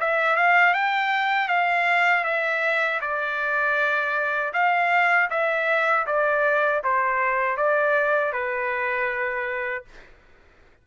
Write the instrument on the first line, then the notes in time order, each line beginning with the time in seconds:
trumpet
0.00 E5
0.36 F5
0.74 G5
1.48 F5
2.24 E5
3.01 D5
4.53 F5
5.30 E5
6.06 D5
6.84 C5
7.57 D5
8.33 B4